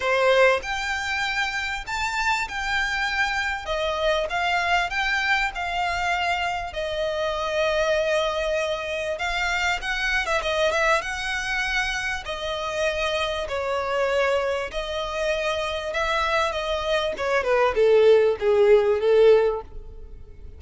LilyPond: \new Staff \with { instrumentName = "violin" } { \time 4/4 \tempo 4 = 98 c''4 g''2 a''4 | g''2 dis''4 f''4 | g''4 f''2 dis''4~ | dis''2. f''4 |
fis''8. e''16 dis''8 e''8 fis''2 | dis''2 cis''2 | dis''2 e''4 dis''4 | cis''8 b'8 a'4 gis'4 a'4 | }